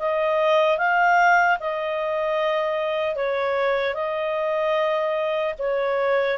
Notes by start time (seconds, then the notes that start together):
0.00 D#5
0.78 F5
1.60 D#5
3.16 C#5
3.95 D#5
5.59 C#5